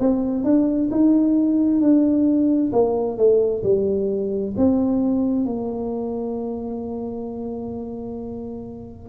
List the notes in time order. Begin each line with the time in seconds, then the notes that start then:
0.00 C4
0.44 D4
0.91 D#4
1.81 D4
2.72 A#3
3.18 A3
3.64 G3
4.57 C4
5.45 A#3